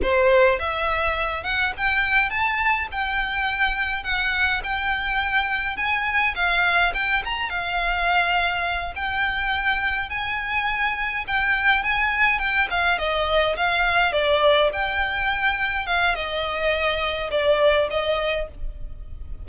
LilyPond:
\new Staff \with { instrumentName = "violin" } { \time 4/4 \tempo 4 = 104 c''4 e''4. fis''8 g''4 | a''4 g''2 fis''4 | g''2 gis''4 f''4 | g''8 ais''8 f''2~ f''8 g''8~ |
g''4. gis''2 g''8~ | g''8 gis''4 g''8 f''8 dis''4 f''8~ | f''8 d''4 g''2 f''8 | dis''2 d''4 dis''4 | }